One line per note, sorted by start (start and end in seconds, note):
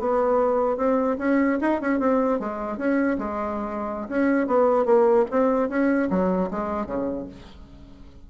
0.00 0.77 B3
0.77 1.17 C4
1.19 1.59 C#4
1.62 1.81 D#4
1.81 2.00 C#4
2.00 2.40 C4
2.40 2.78 G#3
2.78 3.18 C#4
3.19 4.09 G#3
4.09 4.48 C#4
4.48 4.86 B3
4.86 5.26 A#3
5.31 5.69 C4
5.69 6.09 C#4
6.11 6.51 F#3
6.51 6.87 G#3
6.87 7.27 C#3